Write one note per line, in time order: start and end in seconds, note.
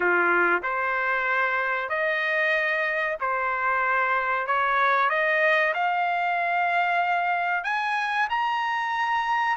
0.00 0.62 F4
0.62 1.89 C5
1.89 3.17 D#5
3.20 4.47 C5
4.47 5.09 C#5
5.09 5.73 D#5
5.73 7.64 F5
7.64 8.27 G#5
8.29 9.56 A#5